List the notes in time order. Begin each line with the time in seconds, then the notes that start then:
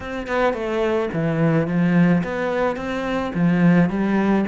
0.00 C4
0.27 B3
0.53 A3
1.13 E3
1.67 F3
2.23 B3
2.76 C4
3.34 F3
3.89 G3